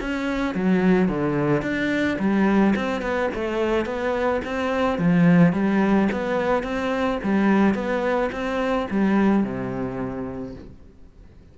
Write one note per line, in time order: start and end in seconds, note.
0.00 0.55 C#4
0.55 1.08 F#3
1.08 1.62 D3
1.62 2.17 D4
2.18 2.74 G3
2.75 3.01 C4
3.01 3.29 B3
3.34 3.85 A3
3.85 4.41 B3
4.44 4.98 C4
4.98 5.53 F3
5.53 6.08 G3
6.11 6.63 B3
6.63 7.18 C4
7.23 7.74 G3
7.74 8.30 B3
8.32 8.87 C4
8.90 9.43 G3
9.43 10.54 C3